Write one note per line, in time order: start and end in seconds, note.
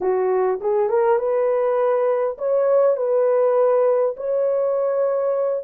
0.00 0.60 F#4
0.60 0.89 G#4
0.89 1.18 A#4
1.18 2.37 B4
2.38 2.96 C#5
2.96 4.15 B4
4.16 5.64 C#5